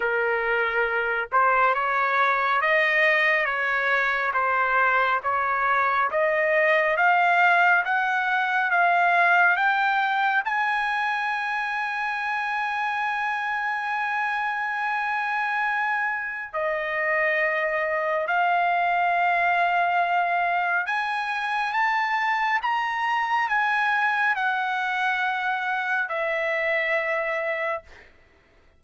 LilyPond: \new Staff \with { instrumentName = "trumpet" } { \time 4/4 \tempo 4 = 69 ais'4. c''8 cis''4 dis''4 | cis''4 c''4 cis''4 dis''4 | f''4 fis''4 f''4 g''4 | gis''1~ |
gis''2. dis''4~ | dis''4 f''2. | gis''4 a''4 ais''4 gis''4 | fis''2 e''2 | }